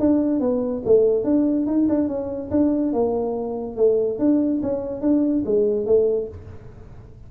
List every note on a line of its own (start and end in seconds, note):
0.00 0.41 D4
0.41 0.83 B3
0.86 1.25 A3
1.25 1.67 D4
1.67 1.88 D#4
1.89 2.08 D4
2.08 2.50 C#4
2.51 2.93 D4
2.93 3.77 A#3
3.77 4.19 A3
4.19 4.62 D4
4.63 5.02 C#4
5.02 5.44 D4
5.46 5.86 G#3
5.86 6.29 A3